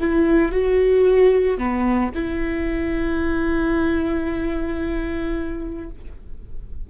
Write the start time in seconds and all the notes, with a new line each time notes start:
0.00 E4
0.52 F#4
1.58 B3
2.15 E4